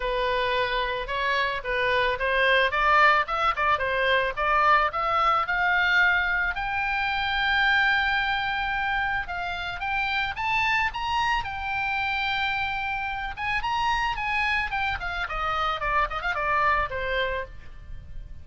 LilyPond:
\new Staff \with { instrumentName = "oboe" } { \time 4/4 \tempo 4 = 110 b'2 cis''4 b'4 | c''4 d''4 e''8 d''8 c''4 | d''4 e''4 f''2 | g''1~ |
g''4 f''4 g''4 a''4 | ais''4 g''2.~ | g''8 gis''8 ais''4 gis''4 g''8 f''8 | dis''4 d''8 dis''16 f''16 d''4 c''4 | }